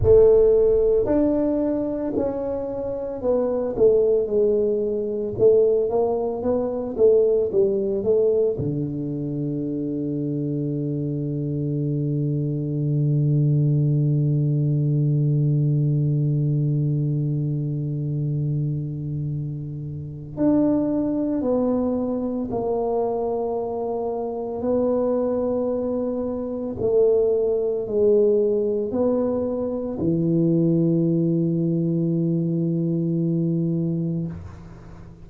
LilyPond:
\new Staff \with { instrumentName = "tuba" } { \time 4/4 \tempo 4 = 56 a4 d'4 cis'4 b8 a8 | gis4 a8 ais8 b8 a8 g8 a8 | d1~ | d1~ |
d2. d'4 | b4 ais2 b4~ | b4 a4 gis4 b4 | e1 | }